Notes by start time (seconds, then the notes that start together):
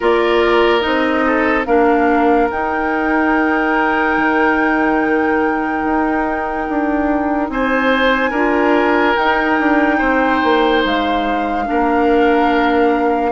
0.00 A#3 F4 A#4 D5
0.80 C4 D#4 D#5
1.26 A4
1.65 A#3 D4 A#4 F5
2.50 D#4 G5
4.17 D#3
5.84 D#4
6.69 D4
7.49 C4 C5 G#5
8.30 D4 F4 A#4
9.15 D#4 G5
9.59 D4
9.98 C4 C5
10.43 A#3
10.84 G#3 F5
11.65 A#3 D4 A#4